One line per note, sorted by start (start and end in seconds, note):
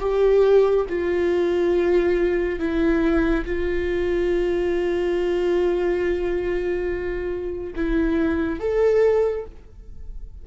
0.00 0.86 G4
0.89 2.59 F4
2.59 3.45 E4
3.46 7.74 F4
7.76 8.60 E4
8.60 9.46 A4